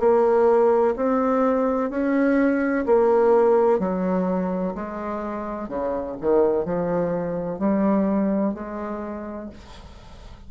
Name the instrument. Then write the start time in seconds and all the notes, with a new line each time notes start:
bassoon
0.00 A#3
0.97 C4
1.90 C#4
2.86 A#3
3.79 F#3
4.75 G#3
5.69 C#3
6.21 D#3
6.65 F3
7.59 G3
8.55 G#3